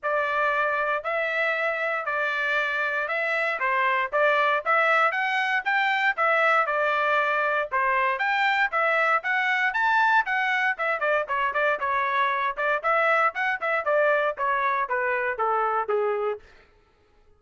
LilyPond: \new Staff \with { instrumentName = "trumpet" } { \time 4/4 \tempo 4 = 117 d''2 e''2 | d''2 e''4 c''4 | d''4 e''4 fis''4 g''4 | e''4 d''2 c''4 |
g''4 e''4 fis''4 a''4 | fis''4 e''8 d''8 cis''8 d''8 cis''4~ | cis''8 d''8 e''4 fis''8 e''8 d''4 | cis''4 b'4 a'4 gis'4 | }